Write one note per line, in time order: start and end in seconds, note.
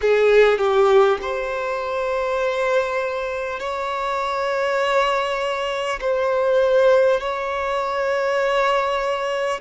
0.01 0.57 G#4
0.57 1.17 G4
1.21 3.59 C5
3.59 5.99 C#5
6.00 7.20 C5
7.20 9.60 C#5